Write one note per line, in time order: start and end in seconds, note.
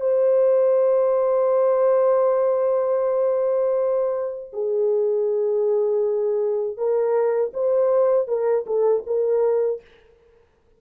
0.00 4.50 C5
4.52 6.77 G#4
6.77 7.52 A#4
7.53 8.27 C5
8.27 8.65 A#4
8.66 9.03 A4
9.06 9.81 A#4